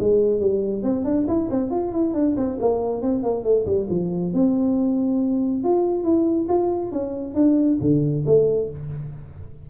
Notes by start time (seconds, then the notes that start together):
0.00 G#3
0.40 G3
0.83 C4
1.05 D4
1.28 E4
1.51 C4
1.71 F4
1.92 E4
2.14 D4
2.37 C4
2.60 A#3
3.02 C4
3.23 A#3
3.44 A3
3.66 G3
3.90 F3
4.34 C4
5.64 F4
6.04 E4
6.49 F4
6.92 C#4
7.35 D4
7.81 D3
8.27 A3